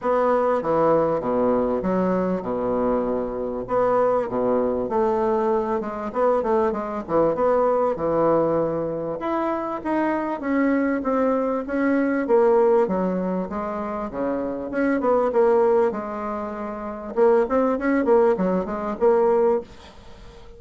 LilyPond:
\new Staff \with { instrumentName = "bassoon" } { \time 4/4 \tempo 4 = 98 b4 e4 b,4 fis4 | b,2 b4 b,4 | a4. gis8 b8 a8 gis8 e8 | b4 e2 e'4 |
dis'4 cis'4 c'4 cis'4 | ais4 fis4 gis4 cis4 | cis'8 b8 ais4 gis2 | ais8 c'8 cis'8 ais8 fis8 gis8 ais4 | }